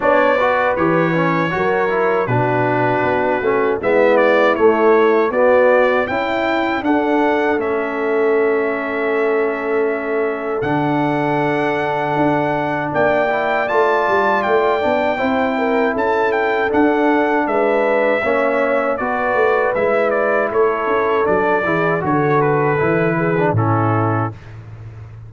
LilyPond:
<<
  \new Staff \with { instrumentName = "trumpet" } { \time 4/4 \tempo 4 = 79 d''4 cis''2 b'4~ | b'4 e''8 d''8 cis''4 d''4 | g''4 fis''4 e''2~ | e''2 fis''2~ |
fis''4 g''4 a''4 g''4~ | g''4 a''8 g''8 fis''4 e''4~ | e''4 d''4 e''8 d''8 cis''4 | d''4 cis''8 b'4. a'4 | }
  \new Staff \with { instrumentName = "horn" } { \time 4/4 cis''8 b'4. ais'4 fis'4~ | fis'4 e'2 fis'4 | e'4 a'2.~ | a'1~ |
a'4 d''2. | c''8 ais'8 a'2 b'4 | cis''4 b'2 a'4~ | a'8 gis'8 a'4. gis'8 e'4 | }
  \new Staff \with { instrumentName = "trombone" } { \time 4/4 d'8 fis'8 g'8 cis'8 fis'8 e'8 d'4~ | d'8 cis'8 b4 a4 b4 | e'4 d'4 cis'2~ | cis'2 d'2~ |
d'4. e'8 f'4. d'8 | e'2 d'2 | cis'4 fis'4 e'2 | d'8 e'8 fis'4 e'8. d'16 cis'4 | }
  \new Staff \with { instrumentName = "tuba" } { \time 4/4 b4 e4 fis4 b,4 | b8 a8 gis4 a4 b4 | cis'4 d'4 a2~ | a2 d2 |
d'4 ais4 a8 g8 a8 b8 | c'4 cis'4 d'4 gis4 | ais4 b8 a8 gis4 a8 cis'8 | fis8 e8 d4 e4 a,4 | }
>>